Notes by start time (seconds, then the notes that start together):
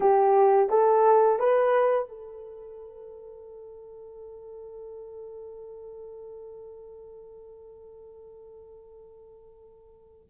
0.00 G4
0.69 A4
1.39 B4
2.08 A4